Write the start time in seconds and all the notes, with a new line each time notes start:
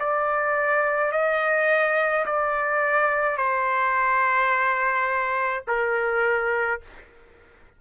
0.00 D5
1.12 D#5
2.26 D5
3.38 C5
5.68 A#4